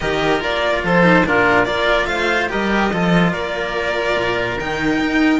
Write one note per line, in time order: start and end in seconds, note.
0.00 0.41 D#3
0.00 0.40 G4
0.00 0.84 A#4
0.00 0.41 D#5
0.40 0.82 A#3
0.40 1.02 F4
0.40 0.84 D5
0.83 1.24 F3
0.83 1.26 A4
0.83 1.26 C5
1.02 1.23 D#4
1.25 1.67 A#2
1.25 1.65 D4
1.25 1.66 F4
1.25 1.64 A#4
1.64 2.07 A#3
1.64 2.49 F4
1.64 2.08 A#4
1.64 2.06 D5
2.06 2.48 A3
2.06 2.50 C5
2.06 2.47 F5
2.49 2.91 G3
2.49 2.90 G4
2.49 2.92 A#4
2.49 3.33 D#5
2.91 3.33 F3
2.91 4.59 F4
2.91 3.32 A4
3.32 4.16 A#3
3.32 5.39 A#4
3.32 4.58 D5
4.16 4.57 A#2
4.59 5.00 D#3
4.59 5.39 D#4
4.59 5.39 G5
5.00 5.39 D#4